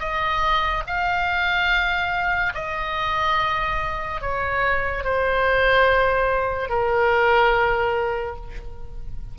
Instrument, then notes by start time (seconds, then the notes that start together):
oboe
0.00 D#5
0.87 F5
2.55 D#5
4.22 C#5
5.05 C5
6.70 A#4